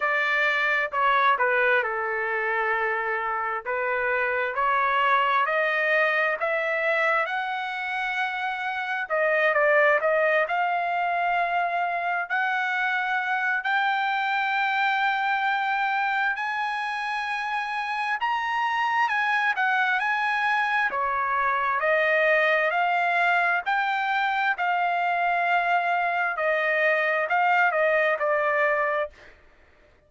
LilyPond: \new Staff \with { instrumentName = "trumpet" } { \time 4/4 \tempo 4 = 66 d''4 cis''8 b'8 a'2 | b'4 cis''4 dis''4 e''4 | fis''2 dis''8 d''8 dis''8 f''8~ | f''4. fis''4. g''4~ |
g''2 gis''2 | ais''4 gis''8 fis''8 gis''4 cis''4 | dis''4 f''4 g''4 f''4~ | f''4 dis''4 f''8 dis''8 d''4 | }